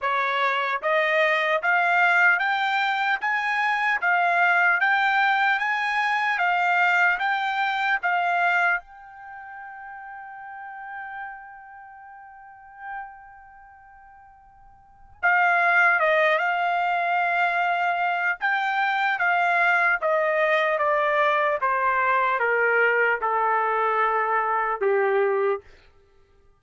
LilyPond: \new Staff \with { instrumentName = "trumpet" } { \time 4/4 \tempo 4 = 75 cis''4 dis''4 f''4 g''4 | gis''4 f''4 g''4 gis''4 | f''4 g''4 f''4 g''4~ | g''1~ |
g''2. f''4 | dis''8 f''2~ f''8 g''4 | f''4 dis''4 d''4 c''4 | ais'4 a'2 g'4 | }